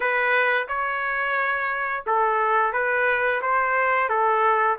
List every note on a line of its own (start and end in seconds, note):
0.00 0.67 B4
0.68 2.04 C#5
2.06 2.73 A4
2.73 3.41 B4
3.41 4.09 C5
4.09 4.77 A4